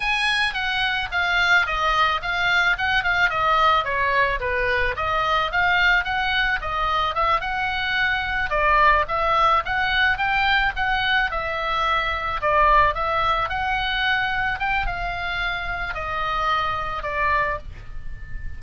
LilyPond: \new Staff \with { instrumentName = "oboe" } { \time 4/4 \tempo 4 = 109 gis''4 fis''4 f''4 dis''4 | f''4 fis''8 f''8 dis''4 cis''4 | b'4 dis''4 f''4 fis''4 | dis''4 e''8 fis''2 d''8~ |
d''8 e''4 fis''4 g''4 fis''8~ | fis''8 e''2 d''4 e''8~ | e''8 fis''2 g''8 f''4~ | f''4 dis''2 d''4 | }